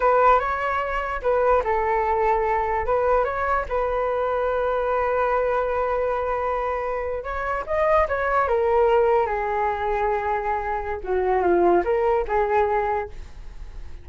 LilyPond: \new Staff \with { instrumentName = "flute" } { \time 4/4 \tempo 4 = 147 b'4 cis''2 b'4 | a'2. b'4 | cis''4 b'2.~ | b'1~ |
b'4.~ b'16 cis''4 dis''4 cis''16~ | cis''8. ais'2 gis'4~ gis'16~ | gis'2. fis'4 | f'4 ais'4 gis'2 | }